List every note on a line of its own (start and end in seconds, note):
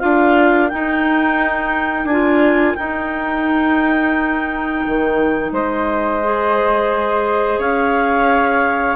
0.00 0.72 D4
0.00 0.70 F4
0.00 5.53 A#4
0.00 0.69 F5
0.69 2.10 D#4
0.69 2.05 D#4
0.69 2.07 G5
2.05 2.74 D4
2.05 2.75 G#5
2.11 2.78 F4
2.75 6.23 D#4
2.75 4.86 D#4
2.75 5.51 G5
4.88 5.52 D#3
5.52 7.59 G#3
5.52 7.59 C5
5.52 7.61 D#5
6.24 8.97 G#4
7.59 8.97 C#4
7.59 8.97 C#5
7.59 8.97 F5